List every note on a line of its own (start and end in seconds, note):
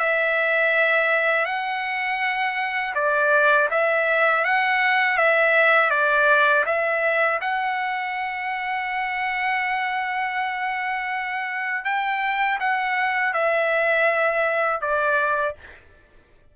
0.00 1.46 E5
1.46 2.94 F#5
2.95 3.69 D5
3.71 4.45 E5
4.45 5.18 F#5
5.18 5.91 E5
5.91 6.65 D5
6.66 7.40 E5
7.41 11.85 F#5
11.85 12.59 G5
12.60 13.34 F#5
13.34 14.81 E5
14.81 15.56 D5